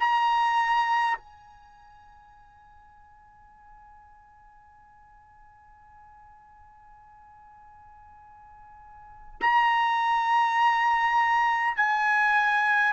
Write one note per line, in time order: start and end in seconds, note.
0.00 1.18 A#5
1.18 9.41 G#5
9.42 11.77 A#5
11.77 12.94 G#5